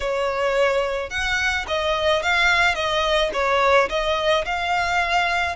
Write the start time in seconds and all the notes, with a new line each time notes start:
0.00 C#5
1.10 F#5
1.67 D#5
2.22 F5
2.74 D#5
3.33 C#5
3.89 D#5
4.45 F5